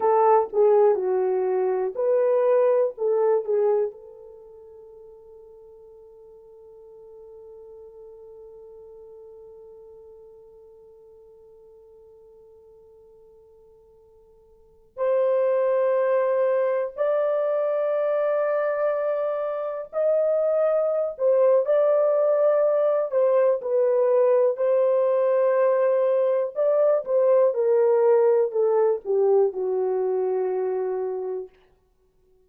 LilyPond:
\new Staff \with { instrumentName = "horn" } { \time 4/4 \tempo 4 = 61 a'8 gis'8 fis'4 b'4 a'8 gis'8 | a'1~ | a'1~ | a'2.~ a'16 c''8.~ |
c''4~ c''16 d''2~ d''8.~ | d''16 dis''4~ dis''16 c''8 d''4. c''8 | b'4 c''2 d''8 c''8 | ais'4 a'8 g'8 fis'2 | }